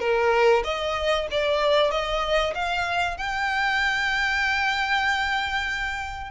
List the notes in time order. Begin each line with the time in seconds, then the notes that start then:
0.00 A#4
0.64 D#5
1.31 D5
1.91 D#5
2.55 F5
3.18 G5